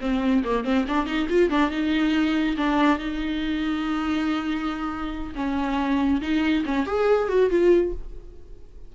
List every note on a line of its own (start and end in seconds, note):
0.00 0.43 C4
0.44 0.64 A#3
0.64 0.85 C4
0.87 1.06 D4
1.06 1.27 D#4
1.29 1.49 F4
1.49 1.70 D4
1.70 2.56 D#4
2.57 2.98 D4
2.98 5.34 D#4
5.35 6.20 C#4
6.21 6.64 D#4
6.65 6.86 C#4
6.86 7.28 G#4
7.28 7.50 F#4
7.50 7.92 F4